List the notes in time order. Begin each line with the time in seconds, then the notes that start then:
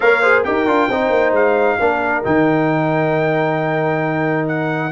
0.00 A#3 A#4 C#5 F5
0.21 G#4 C5
0.43 D#4 G4 A#4 G5
0.66 D4 F4
0.88 C4 D#4 C5
1.09 A#3
1.32 G#3 F5
1.79 A#3 D4 A#4
2.23 D#3 D#4 G5
4.47 F#5